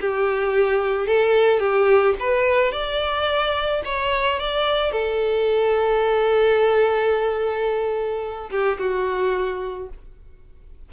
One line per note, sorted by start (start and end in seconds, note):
0.00 1.06 G4
1.06 1.59 A4
1.59 2.14 G4
2.19 2.72 B4
2.72 3.82 D5
3.85 4.39 C#5
4.39 4.92 D5
4.92 8.49 A4
8.50 8.78 G4
8.78 9.89 F#4